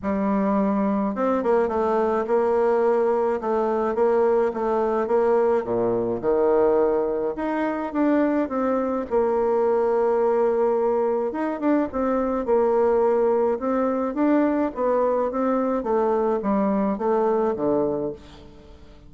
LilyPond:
\new Staff \with { instrumentName = "bassoon" } { \time 4/4 \tempo 4 = 106 g2 c'8 ais8 a4 | ais2 a4 ais4 | a4 ais4 ais,4 dis4~ | dis4 dis'4 d'4 c'4 |
ais1 | dis'8 d'8 c'4 ais2 | c'4 d'4 b4 c'4 | a4 g4 a4 d4 | }